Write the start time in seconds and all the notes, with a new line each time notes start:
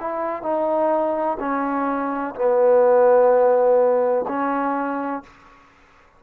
0.00 E4
0.42 D#4
1.39 C#4
2.35 B3
4.28 C#4